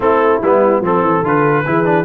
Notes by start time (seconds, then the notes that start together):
0.00 A3 C4 E4 A4
0.42 G3 B3 E4
0.81 F3 C4 A4
1.01 E3
1.22 D3 F4 B4
1.65 E3 E4 G#4
1.84 D4